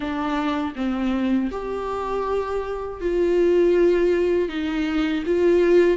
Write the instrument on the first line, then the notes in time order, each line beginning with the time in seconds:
viola
0.00 D4
0.75 C4
1.51 G4
3.00 F4
4.48 D#4
5.25 F4